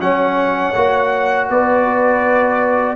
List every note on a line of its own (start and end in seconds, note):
0.00 0.74 F#3
0.00 0.74 C#4
0.00 1.50 C#5
0.00 1.49 F#5
0.75 1.50 A#3
0.75 2.96 F#4
1.50 2.96 B3
1.50 2.96 B4
1.50 2.96 D5